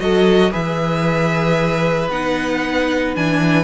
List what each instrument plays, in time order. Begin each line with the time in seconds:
0.00 cello F#3, viola F#4, violin A4 D#5
0.51 cello E3, viola G#4, violin B4 E5
2.09 cello B3, viola D#4, violin F#5
3.16 cello E3, viola D4, violin G#5